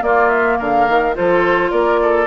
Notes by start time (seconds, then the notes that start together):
0.00 A#3 F4 D5
0.29 E5
0.58 D3 A#4 F5
0.88 D#3
1.14 F3 F4 A4 C5
1.71 A#3 A#4 D5
2.02 A4